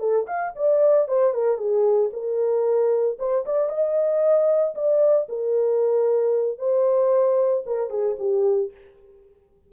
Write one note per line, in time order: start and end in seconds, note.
0.00 0.26 A4
0.27 0.53 F5
0.56 1.08 D5
1.08 1.34 C5
1.34 1.58 A#4
1.58 2.11 G#4
2.13 3.18 A#4
3.19 3.45 C5
3.46 3.70 D5
3.70 4.75 D#5
4.75 5.28 D5
5.29 6.59 A#4
6.59 7.64 C5
7.67 7.91 A#4
7.91 8.17 G#4
8.19 8.72 G4